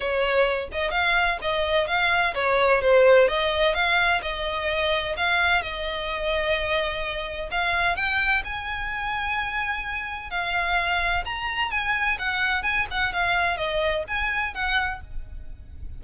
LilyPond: \new Staff \with { instrumentName = "violin" } { \time 4/4 \tempo 4 = 128 cis''4. dis''8 f''4 dis''4 | f''4 cis''4 c''4 dis''4 | f''4 dis''2 f''4 | dis''1 |
f''4 g''4 gis''2~ | gis''2 f''2 | ais''4 gis''4 fis''4 gis''8 fis''8 | f''4 dis''4 gis''4 fis''4 | }